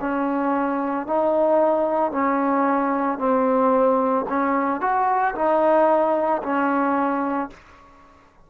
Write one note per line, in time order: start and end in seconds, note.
0.00 1.07 C#4
1.07 2.11 D#4
2.11 3.19 C#4
3.19 4.26 C4
4.29 4.81 C#4
4.81 5.35 F#4
5.35 6.42 D#4
6.43 7.50 C#4